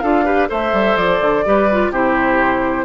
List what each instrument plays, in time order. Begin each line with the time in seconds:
0.00 bassoon D4, clarinet F4, oboe A4, flute F5
0.25 clarinet G4, oboe B4
0.48 bassoon A3, clarinet A4, oboe C5, flute E5
0.73 bassoon G3
0.96 bassoon F3, flute D5
1.21 bassoon D3
1.45 bassoon G3, clarinet G4, oboe B4
1.72 clarinet F4
1.90 bassoon C3, clarinet E4, oboe G4, flute C5